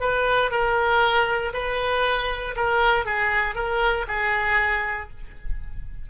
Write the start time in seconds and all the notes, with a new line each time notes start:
0.00 B4
0.51 A#4
1.53 B4
2.56 A#4
3.05 G#4
3.55 A#4
4.08 G#4